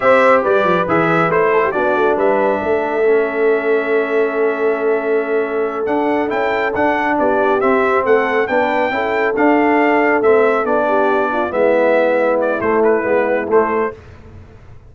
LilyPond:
<<
  \new Staff \with { instrumentName = "trumpet" } { \time 4/4 \tempo 4 = 138 e''4 d''4 e''4 c''4 | d''4 e''2.~ | e''1~ | e''4. fis''4 g''4 fis''8~ |
fis''8 d''4 e''4 fis''4 g''8~ | g''4. f''2 e''8~ | e''8 d''2 e''4.~ | e''8 d''8 c''8 b'4. c''4 | }
  \new Staff \with { instrumentName = "horn" } { \time 4/4 c''4 b'2~ b'8 a'16 g'16 | fis'4 b'4 a'2~ | a'1~ | a'1~ |
a'8 g'2 a'4 b'8~ | b'8 a'2.~ a'8~ | a'4 g'4 f'8 e'4.~ | e'1 | }
  \new Staff \with { instrumentName = "trombone" } { \time 4/4 g'2 gis'4 e'4 | d'2. cis'4~ | cis'1~ | cis'4. d'4 e'4 d'8~ |
d'4. c'2 d'8~ | d'8 e'4 d'2 c'8~ | c'8 d'2 b4.~ | b4 a4 b4 a4 | }
  \new Staff \with { instrumentName = "tuba" } { \time 4/4 c'4 g8 f8 e4 a4 | b8 a8 g4 a2~ | a1~ | a4. d'4 cis'4 d'8~ |
d'8 b4 c'4 a4 b8~ | b8 cis'4 d'2 a8~ | a8 b2 gis4.~ | gis4 a4 gis4 a4 | }
>>